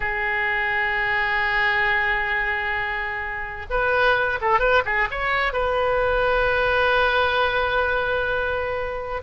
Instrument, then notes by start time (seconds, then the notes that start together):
oboe
0.00 G#4
3.70 B4
4.41 A4
4.59 B4
4.85 G#4
5.10 C#5
5.53 B4